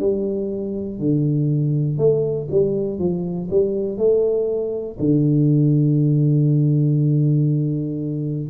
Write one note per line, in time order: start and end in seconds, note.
0.00 1.00 G3
1.00 1.98 D3
1.98 2.48 A3
2.51 2.99 G3
2.99 3.49 F3
3.50 3.98 G3
3.98 4.98 A3
5.00 8.50 D3